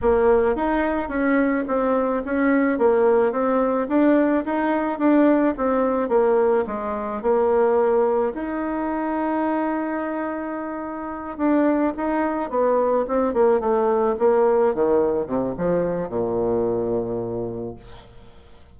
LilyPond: \new Staff \with { instrumentName = "bassoon" } { \time 4/4 \tempo 4 = 108 ais4 dis'4 cis'4 c'4 | cis'4 ais4 c'4 d'4 | dis'4 d'4 c'4 ais4 | gis4 ais2 dis'4~ |
dis'1~ | dis'8 d'4 dis'4 b4 c'8 | ais8 a4 ais4 dis4 c8 | f4 ais,2. | }